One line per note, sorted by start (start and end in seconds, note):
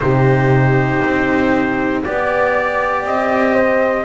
0.00 1.03 C3
0.00 2.03 D#4
0.00 2.04 G4
0.00 2.03 C5
1.04 2.05 C4
2.04 3.05 B3
2.04 4.05 G4
2.04 3.05 D5
2.04 3.53 D5
3.05 4.05 C4
3.05 4.05 D#5
3.53 4.04 C5